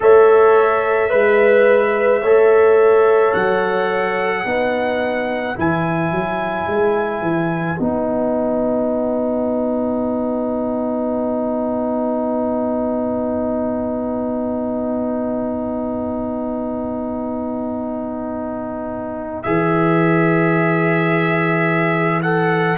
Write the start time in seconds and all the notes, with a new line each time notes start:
0.00 A3 A4 C#5 E5
1.09 G#3 B4
2.22 A3 A4 C#5
3.33 F#3 F#5
4.41 B3 D#4 B4
5.55 E3 E4 G#5
6.11 F#3
6.66 G#3
7.21 E3
7.79 B3 D#4 F#5
19.43 E3 G#4 E5
22.22 A4 F#5